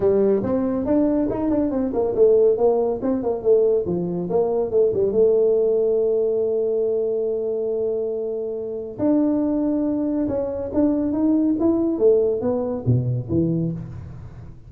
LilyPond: \new Staff \with { instrumentName = "tuba" } { \time 4/4 \tempo 4 = 140 g4 c'4 d'4 dis'8 d'8 | c'8 ais8 a4 ais4 c'8 ais8 | a4 f4 ais4 a8 g8 | a1~ |
a1~ | a4 d'2. | cis'4 d'4 dis'4 e'4 | a4 b4 b,4 e4 | }